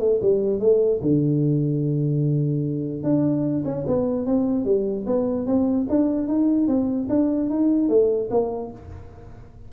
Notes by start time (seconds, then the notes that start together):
0.00 A3
0.22 G3
0.60 A3
1.02 D3
3.03 D4
3.65 C#4
3.87 B3
4.26 C4
4.65 G3
5.07 B3
5.47 C4
5.89 D4
6.28 D#4
6.68 C4
7.10 D4
7.50 D#4
7.89 A3
8.31 A#3